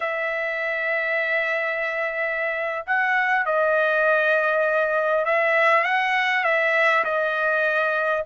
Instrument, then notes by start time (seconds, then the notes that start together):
trumpet
0.00 E5
2.86 F#5
3.45 D#5
5.25 E5
5.84 F#5
6.44 E5
7.04 D#5